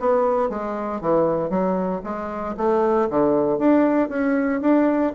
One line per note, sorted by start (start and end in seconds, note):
0.00 0.50 B3
0.50 1.01 G#3
1.01 1.50 E3
1.50 2.02 F#3
2.04 2.56 G#3
2.57 3.09 A3
3.10 3.59 D3
3.59 4.09 D4
4.09 4.61 C#4
4.61 5.13 D4